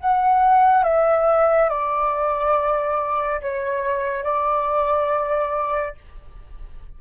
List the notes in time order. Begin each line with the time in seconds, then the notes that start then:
0.00 F#5
0.83 E5
1.69 D5
3.41 C#5
4.23 D5